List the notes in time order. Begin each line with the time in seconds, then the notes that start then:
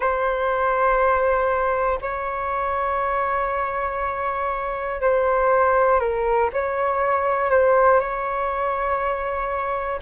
0.00 C5
2.00 C#5
5.00 C5
6.00 A#4
6.53 C#5
7.50 C5
8.00 C#5